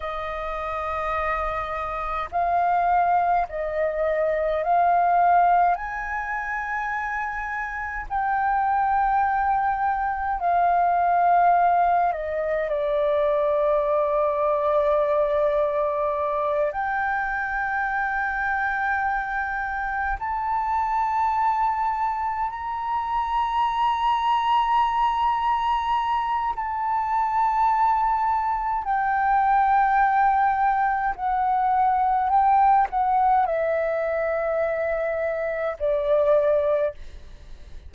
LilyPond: \new Staff \with { instrumentName = "flute" } { \time 4/4 \tempo 4 = 52 dis''2 f''4 dis''4 | f''4 gis''2 g''4~ | g''4 f''4. dis''8 d''4~ | d''2~ d''8 g''4.~ |
g''4. a''2 ais''8~ | ais''2. a''4~ | a''4 g''2 fis''4 | g''8 fis''8 e''2 d''4 | }